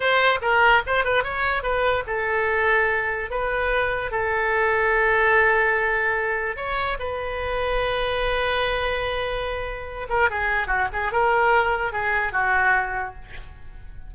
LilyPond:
\new Staff \with { instrumentName = "oboe" } { \time 4/4 \tempo 4 = 146 c''4 ais'4 c''8 b'8 cis''4 | b'4 a'2. | b'2 a'2~ | a'1 |
cis''4 b'2.~ | b'1~ | b'8 ais'8 gis'4 fis'8 gis'8 ais'4~ | ais'4 gis'4 fis'2 | }